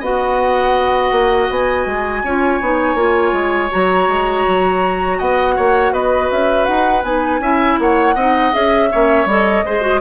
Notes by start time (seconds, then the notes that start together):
0.00 B3 F#4 D#5 F#5
1.11 A#3
1.50 B3 G#5
1.86 G#3
2.23 C#4 F4 C#5
2.61 B3 D#4
2.95 A#3 F4
3.33 G#3
3.70 F#3 F#4 A#5
4.08 G#3
4.48 F#3
5.18 B3 D#5 F#5
5.56 A#3 C#5
5.92 B3 B4 D#5
6.31 C#4 E5
6.65 D#4 F#5
7.03 B3 D#4 G#5
7.40 C#4 E4 E5
7.79 A#3 C#5 F#5
8.15 C4 D#4 D#5
8.52 C#4 G#4 E5
8.90 A#3 C#4 C#5
9.25 G3 A4 D#5
9.65 G#3 G#4 C5
9.81 F#4